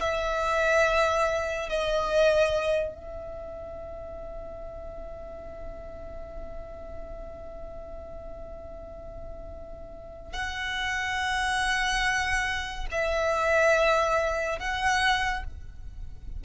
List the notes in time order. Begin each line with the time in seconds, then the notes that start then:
0.00 E5
1.69 D#5
2.95 E5
10.33 F#5
12.91 E5
14.59 F#5